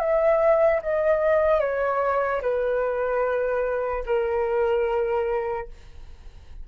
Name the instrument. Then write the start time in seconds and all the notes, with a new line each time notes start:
flute
0.00 E5
0.83 D#5
1.60 C#5
2.42 B4
4.06 A#4